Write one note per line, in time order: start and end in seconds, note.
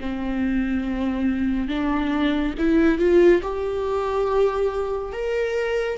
0.00 1.68 C4
1.68 2.54 D4
2.58 2.99 E4
2.99 3.42 F4
3.42 5.13 G4
5.13 5.98 A#4